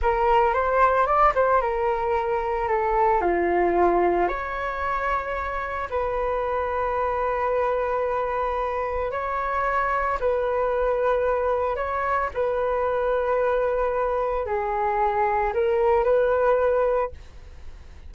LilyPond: \new Staff \with { instrumentName = "flute" } { \time 4/4 \tempo 4 = 112 ais'4 c''4 d''8 c''8 ais'4~ | ais'4 a'4 f'2 | cis''2. b'4~ | b'1~ |
b'4 cis''2 b'4~ | b'2 cis''4 b'4~ | b'2. gis'4~ | gis'4 ais'4 b'2 | }